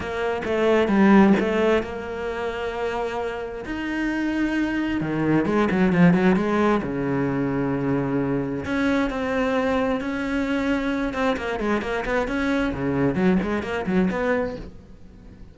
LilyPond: \new Staff \with { instrumentName = "cello" } { \time 4/4 \tempo 4 = 132 ais4 a4 g4 a4 | ais1 | dis'2. dis4 | gis8 fis8 f8 fis8 gis4 cis4~ |
cis2. cis'4 | c'2 cis'2~ | cis'8 c'8 ais8 gis8 ais8 b8 cis'4 | cis4 fis8 gis8 ais8 fis8 b4 | }